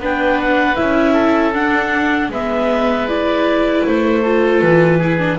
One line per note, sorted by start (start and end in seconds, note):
0.00 0.77 B3
0.00 0.76 D4
0.00 1.13 B4
0.00 0.40 G5
0.40 0.76 F#5
0.76 1.54 C#4
0.76 1.53 E4
0.76 1.53 E5
1.13 2.29 A4
1.54 2.31 D4
1.54 2.29 D4
1.54 2.31 F#5
2.29 3.83 G#3
2.29 3.09 B3
2.29 4.22 B4
2.29 3.09 E5
3.09 4.24 E4
3.09 3.86 D5
3.86 4.62 A3
3.86 4.62 C5
4.22 5.02 F4
4.22 4.99 A4
4.62 5.39 E3
4.62 5.38 B4
4.99 5.19 E4
4.99 5.37 G#4
5.19 5.38 D4